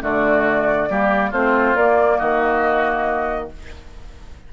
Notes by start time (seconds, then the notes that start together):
0.00 D3 A3 F#4 D5
0.89 G3 A#3 G4
1.30 A3 C4 F4 C5
1.74 A#3 D5
2.18 D#3 F#4 D#5